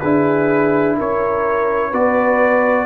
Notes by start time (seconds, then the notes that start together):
0.00 D4 E4 G#4 B4
0.98 C#4 A#4 C#5
1.90 B3 F#4 B4 D5